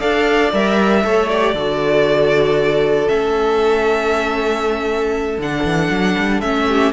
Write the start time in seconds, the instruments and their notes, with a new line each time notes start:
0.00 cello D4, viola A4, violin D5 F5
0.53 cello G3, viola A#4, violin E5
1.03 cello A3, viola A4, violin C#5
1.29 viola G4, violin D5
1.54 cello D3, viola F#4, violin A4
3.08 cello A3, viola C#4, violin E5
5.38 cello D3, viola D4, violin F#5
5.64 cello E3
5.91 cello F#3
6.18 cello G3
6.41 cello A3, viola C#4, violin E5
6.68 violin G4